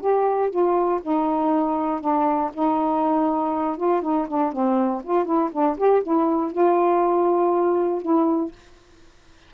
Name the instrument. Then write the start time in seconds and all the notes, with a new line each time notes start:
saxophone
0.00 G4
0.50 F4
1.02 D#4
2.00 D4
2.53 D#4
3.77 F4
4.02 D#4
4.28 D4
4.52 C4
5.04 F4
5.25 E4
5.52 D4
5.77 G4
6.03 E4
6.52 F4
8.02 E4